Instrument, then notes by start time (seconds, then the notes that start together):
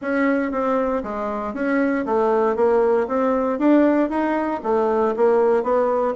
bassoon
0.01 C#4
0.51 C4
1.03 G#3
1.53 C#4
2.05 A3
2.55 A#3
3.07 C4
3.58 D4
4.09 D#4
4.63 A3
5.16 A#3
5.63 B3